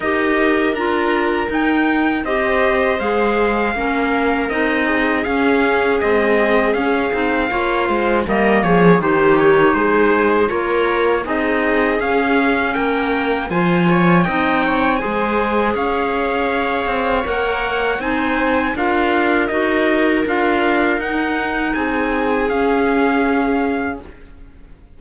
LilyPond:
<<
  \new Staff \with { instrumentName = "trumpet" } { \time 4/4 \tempo 4 = 80 dis''4 ais''4 g''4 dis''4 | f''2 dis''4 f''4 | dis''4 f''2 dis''8 cis''8 | c''8 cis''8 c''4 cis''4 dis''4 |
f''4 g''4 gis''4 g''4 | gis''4 f''2 fis''4 | gis''4 f''4 dis''4 f''4 | fis''4 gis''4 f''2 | }
  \new Staff \with { instrumentName = "viola" } { \time 4/4 ais'2. c''4~ | c''4 ais'4. gis'4.~ | gis'2 cis''8 c''8 ais'8 gis'8 | g'4 gis'4 ais'4 gis'4~ |
gis'4 ais'4 c''8 cis''8 dis''8 cis''8 | c''4 cis''2. | c''4 ais'2.~ | ais'4 gis'2. | }
  \new Staff \with { instrumentName = "clarinet" } { \time 4/4 g'4 f'4 dis'4 g'4 | gis'4 cis'4 dis'4 cis'4 | gis4 cis'8 dis'8 f'4 ais4 | dis'2 f'4 dis'4 |
cis'2 f'4 dis'4 | gis'2. ais'4 | dis'4 f'4 fis'4 f'4 | dis'2 cis'2 | }
  \new Staff \with { instrumentName = "cello" } { \time 4/4 dis'4 d'4 dis'4 c'4 | gis4 ais4 c'4 cis'4 | c'4 cis'8 c'8 ais8 gis8 g8 f8 | dis4 gis4 ais4 c'4 |
cis'4 ais4 f4 c'4 | gis4 cis'4. c'8 ais4 | c'4 d'4 dis'4 d'4 | dis'4 c'4 cis'2 | }
>>